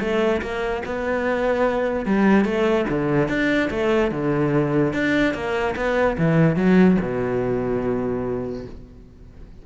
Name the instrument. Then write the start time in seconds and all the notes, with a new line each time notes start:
cello
0.00 A3
0.42 A#3
0.86 B3
2.05 G3
2.45 A3
2.90 D3
3.29 D4
3.71 A3
4.12 D3
4.93 D4
5.34 A#3
5.76 B3
6.18 E3
6.56 F#3
7.01 B2